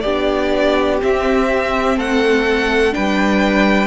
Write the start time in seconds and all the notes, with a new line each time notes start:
0.00 B3 D4 G4 D5
1.00 C4 E5
1.96 A3 A4 F#5
2.91 G3 D4 B4 G5